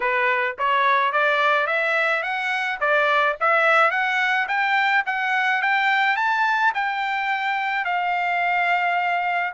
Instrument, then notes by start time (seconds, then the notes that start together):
trumpet
0.00 B4
0.58 C#5
1.12 D5
1.66 E5
2.22 F#5
2.80 D5
3.40 E5
3.90 F#5
4.48 G5
5.05 F#5
5.62 G5
6.16 A5
6.74 G5
7.85 F5